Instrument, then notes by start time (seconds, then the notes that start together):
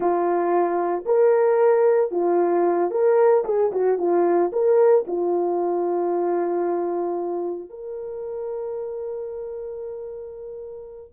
horn
0.00 F4
1.05 A#4
2.11 F4
2.90 A#4
3.44 G#4
3.71 F#4
3.98 F4
4.52 A#4
5.07 F4
7.69 A#4